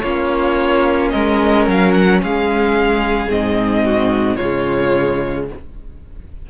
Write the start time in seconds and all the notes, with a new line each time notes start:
0.00 A#3 C#4 F4 C#5
1.10 G#3 A#4 D#5
1.67 F#3 F5
1.92 F#5
2.22 G#3 G#4 F5
3.28 G#2 C4 D#5
3.85 F#4
4.36 C#3 G#3 F4 C#5